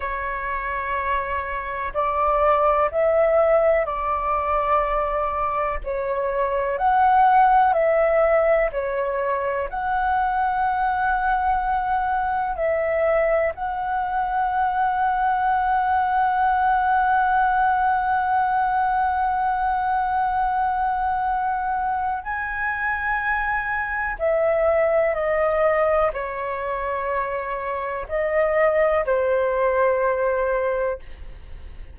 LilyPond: \new Staff \with { instrumentName = "flute" } { \time 4/4 \tempo 4 = 62 cis''2 d''4 e''4 | d''2 cis''4 fis''4 | e''4 cis''4 fis''2~ | fis''4 e''4 fis''2~ |
fis''1~ | fis''2. gis''4~ | gis''4 e''4 dis''4 cis''4~ | cis''4 dis''4 c''2 | }